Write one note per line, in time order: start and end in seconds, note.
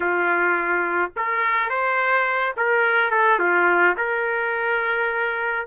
0.00 1.12 F4
1.16 1.69 A#4
1.69 2.54 C5
2.56 3.11 A#4
3.11 3.39 A4
3.39 3.95 F4
3.97 5.66 A#4